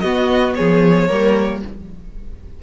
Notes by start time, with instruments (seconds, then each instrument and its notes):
0.00 cello B3, viola B3, violin F#4 D#5
0.55 cello F3, violin G#4 C#5
1.08 cello G3, viola A#3, violin A#4